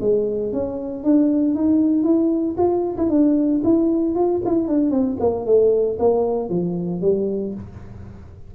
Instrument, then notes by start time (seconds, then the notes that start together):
tuba
0.00 G#3
0.52 C#4
1.04 D4
1.55 D#4
2.03 E4
2.57 F4
2.97 E4
3.09 D4
3.63 E4
4.15 F4
4.45 E4
4.67 D4
4.90 C4
5.19 A#3
5.45 A3
5.99 A#3
6.49 F3
7.01 G3